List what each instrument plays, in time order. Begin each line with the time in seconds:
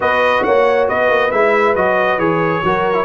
0.00 tuba B3, trombone F#4, horn B4, trumpet D#5
0.43 tuba A#3, horn C#5, trumpet F#5
0.88 tuba B3, horn B4, trumpet D#5
1.08 tuba A#3
1.31 tuba G#3, trombone E4, trumpet E5
1.75 tuba F#3, trombone F#4, trumpet D#5
2.18 tuba E3, trombone G#4, trumpet C#5
2.63 tuba F#3, trombone F#4, horn A#4
2.93 trombone E4